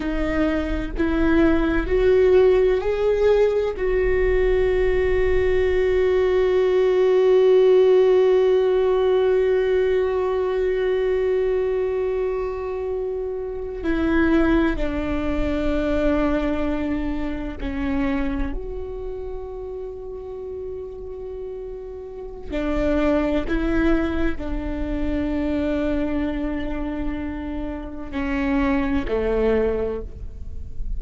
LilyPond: \new Staff \with { instrumentName = "viola" } { \time 4/4 \tempo 4 = 64 dis'4 e'4 fis'4 gis'4 | fis'1~ | fis'1~ | fis'2~ fis'8. e'4 d'16~ |
d'2~ d'8. cis'4 fis'16~ | fis'1 | d'4 e'4 d'2~ | d'2 cis'4 a4 | }